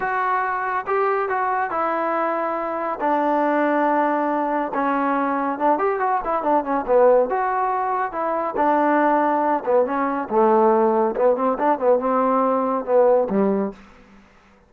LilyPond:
\new Staff \with { instrumentName = "trombone" } { \time 4/4 \tempo 4 = 140 fis'2 g'4 fis'4 | e'2. d'4~ | d'2. cis'4~ | cis'4 d'8 g'8 fis'8 e'8 d'8 cis'8 |
b4 fis'2 e'4 | d'2~ d'8 b8 cis'4 | a2 b8 c'8 d'8 b8 | c'2 b4 g4 | }